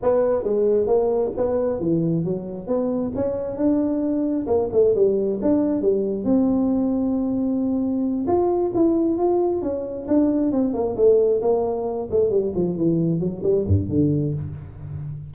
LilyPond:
\new Staff \with { instrumentName = "tuba" } { \time 4/4 \tempo 4 = 134 b4 gis4 ais4 b4 | e4 fis4 b4 cis'4 | d'2 ais8 a8 g4 | d'4 g4 c'2~ |
c'2~ c'8 f'4 e'8~ | e'8 f'4 cis'4 d'4 c'8 | ais8 a4 ais4. a8 g8 | f8 e4 fis8 g8 g,8 d4 | }